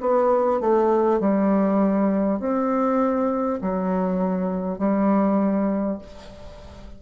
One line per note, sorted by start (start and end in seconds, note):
0.00 0.60 B3
0.60 1.19 A3
1.19 2.39 G3
2.39 3.59 C4
3.61 4.78 F#3
4.78 5.98 G3